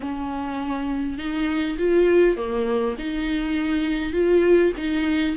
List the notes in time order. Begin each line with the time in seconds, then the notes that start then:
0.00 C#4
1.17 D#4
1.78 F4
2.36 A#3
2.98 D#4
4.13 F4
4.76 D#4